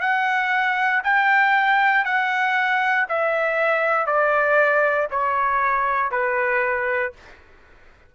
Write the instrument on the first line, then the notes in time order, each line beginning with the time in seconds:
trumpet
0.00 F#5
1.03 G5
2.04 F#5
3.08 E5
4.06 D5
5.10 C#5
6.11 B4